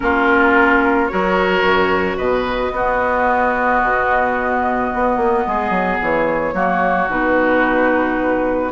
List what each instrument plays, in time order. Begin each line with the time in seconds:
0.00 bassoon A#3, clarinet C#4, oboe F4, flute A#4
1.07 bassoon F#3, clarinet F#4, oboe A#4, flute C#5
1.62 bassoon F#2
2.16 bassoon B2, oboe B4, flute D#5
2.71 bassoon B3, clarinet B3, oboe F#4
3.82 bassoon B2
4.94 bassoon B3
5.17 bassoon A#3
5.47 bassoon G#3, oboe G#4
5.70 bassoon F#3
6.01 bassoon E3, flute C#5
6.53 bassoon F#3, clarinet A#3, oboe F#4
7.08 bassoon B2, clarinet D#4, flute B4